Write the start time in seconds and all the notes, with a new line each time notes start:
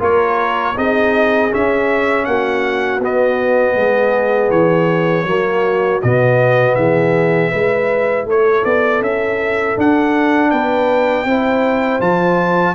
0.00 A#3 F4 A#4 C#5
0.76 C4 D#4 G#4 D#5
1.51 C#4 E5
2.25 A#3 F#4 F#5
3.00 B3 D#5
3.75 G#3 G#4
4.51 E3 C#5
5.25 F#3 A#3 F#4
6.02 B2 B3 D#5
6.76 E3 G#4 E5
7.52 G#3 E4 B4
8.26 A3 A4 C#5
8.65 B3 D5
9.02 C#4 E5
9.77 D4 F#5
10.51 B3 B4 G5
11.25 C4 E4 C5
12.01 F3 F4 A5